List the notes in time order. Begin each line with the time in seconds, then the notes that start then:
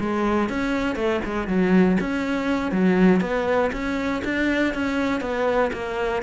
0.00 G#3
0.49 C#4
0.96 A3
1.25 G#3
1.48 F#3
2.01 C#4
2.72 F#3
3.21 B3
3.73 C#4
4.25 D4
4.74 C#4
5.21 B3
5.73 A#3